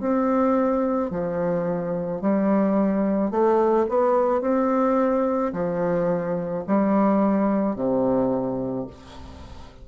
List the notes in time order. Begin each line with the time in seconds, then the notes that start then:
0.00 C4
1.10 F3
2.21 G3
3.31 A3
3.89 B3
4.41 C4
5.53 F3
6.67 G3
7.76 C3